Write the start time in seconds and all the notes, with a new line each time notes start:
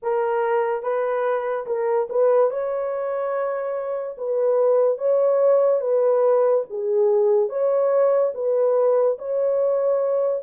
0.02 A#4
0.83 B4
1.66 A#4
2.09 B4
2.50 C#5
4.17 B4
4.98 C#5
5.80 B4
6.69 G#4
7.48 C#5
8.34 B4
9.18 C#5